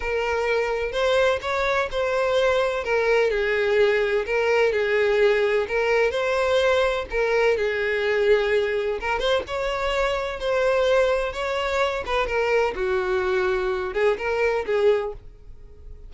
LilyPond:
\new Staff \with { instrumentName = "violin" } { \time 4/4 \tempo 4 = 127 ais'2 c''4 cis''4 | c''2 ais'4 gis'4~ | gis'4 ais'4 gis'2 | ais'4 c''2 ais'4 |
gis'2. ais'8 c''8 | cis''2 c''2 | cis''4. b'8 ais'4 fis'4~ | fis'4. gis'8 ais'4 gis'4 | }